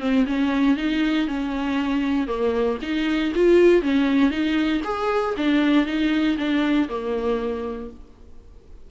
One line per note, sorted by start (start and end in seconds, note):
0.00 0.25 C4
0.27 0.77 C#4
0.77 1.28 D#4
1.28 2.27 C#4
2.27 2.78 A#3
2.82 3.33 D#4
3.35 3.82 F4
3.82 4.30 C#4
4.30 4.81 D#4
4.84 5.35 G#4
5.37 5.86 D4
5.86 6.37 D#4
6.38 6.89 D4
6.89 7.91 A#3